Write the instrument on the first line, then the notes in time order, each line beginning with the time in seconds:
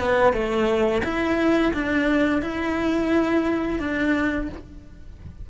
cello
0.00 B3
0.33 A3
1.04 E4
1.74 D4
2.42 E4
3.80 D4